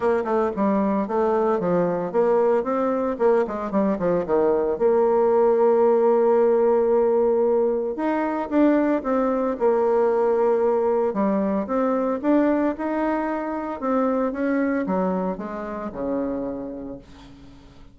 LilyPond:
\new Staff \with { instrumentName = "bassoon" } { \time 4/4 \tempo 4 = 113 ais8 a8 g4 a4 f4 | ais4 c'4 ais8 gis8 g8 f8 | dis4 ais2.~ | ais2. dis'4 |
d'4 c'4 ais2~ | ais4 g4 c'4 d'4 | dis'2 c'4 cis'4 | fis4 gis4 cis2 | }